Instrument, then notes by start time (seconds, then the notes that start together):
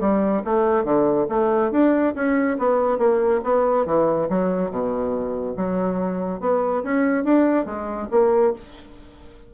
bassoon
0.00 G3
0.44 A3
0.84 D3
1.29 A3
1.71 D4
2.15 C#4
2.58 B3
2.98 A#3
3.44 B3
3.86 E3
4.29 F#3
4.71 B2
5.56 F#3
6.40 B3
6.83 C#4
7.24 D4
7.65 G#3
8.11 A#3